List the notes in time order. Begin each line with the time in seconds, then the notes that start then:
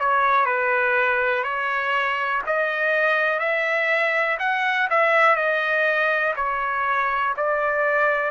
0.00 C#5
0.46 B4
1.44 C#5
2.47 D#5
3.40 E5
4.40 F#5
4.90 E5
5.36 D#5
6.37 C#5
7.37 D5